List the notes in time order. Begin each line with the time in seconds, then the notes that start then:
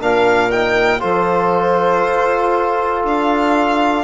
0.00 A#2 D4 A#4 F5
0.51 D#4 G5
1.00 F3 F4 A4 C5
2.04 F4
3.04 D4 F5